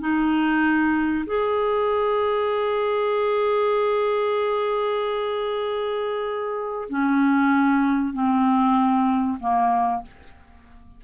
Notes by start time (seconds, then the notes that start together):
0.00 D#4
1.26 G#4
6.89 C#4
8.14 C4
9.40 A#3